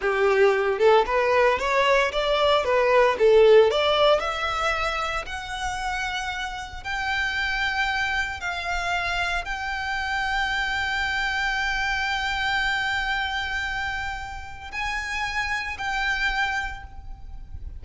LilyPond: \new Staff \with { instrumentName = "violin" } { \time 4/4 \tempo 4 = 114 g'4. a'8 b'4 cis''4 | d''4 b'4 a'4 d''4 | e''2 fis''2~ | fis''4 g''2. |
f''2 g''2~ | g''1~ | g''1 | gis''2 g''2 | }